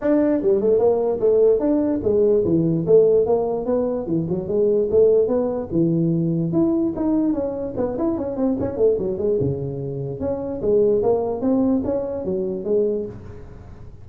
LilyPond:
\new Staff \with { instrumentName = "tuba" } { \time 4/4 \tempo 4 = 147 d'4 g8 a8 ais4 a4 | d'4 gis4 e4 a4 | ais4 b4 e8 fis8 gis4 | a4 b4 e2 |
e'4 dis'4 cis'4 b8 e'8 | cis'8 c'8 cis'8 a8 fis8 gis8 cis4~ | cis4 cis'4 gis4 ais4 | c'4 cis'4 fis4 gis4 | }